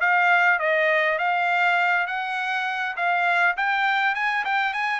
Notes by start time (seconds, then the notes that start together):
0.00 F5
0.59 D#5
1.18 F5
2.07 F#5
2.96 F5
3.56 G5
4.14 G#5
4.44 G5
4.73 G#5